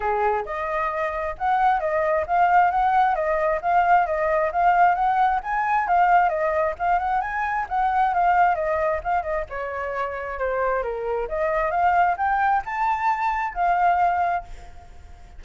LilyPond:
\new Staff \with { instrumentName = "flute" } { \time 4/4 \tempo 4 = 133 gis'4 dis''2 fis''4 | dis''4 f''4 fis''4 dis''4 | f''4 dis''4 f''4 fis''4 | gis''4 f''4 dis''4 f''8 fis''8 |
gis''4 fis''4 f''4 dis''4 | f''8 dis''8 cis''2 c''4 | ais'4 dis''4 f''4 g''4 | a''2 f''2 | }